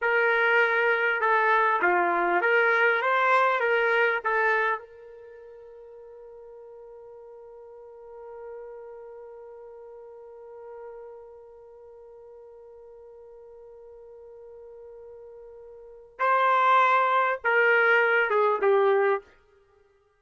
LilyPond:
\new Staff \with { instrumentName = "trumpet" } { \time 4/4 \tempo 4 = 100 ais'2 a'4 f'4 | ais'4 c''4 ais'4 a'4 | ais'1~ | ais'1~ |
ais'1~ | ais'1~ | ais'2. c''4~ | c''4 ais'4. gis'8 g'4 | }